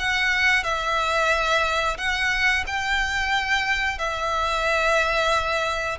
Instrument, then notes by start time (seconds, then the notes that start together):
violin
0.00 F#5
0.64 E5
1.98 F#5
2.67 G5
3.99 E5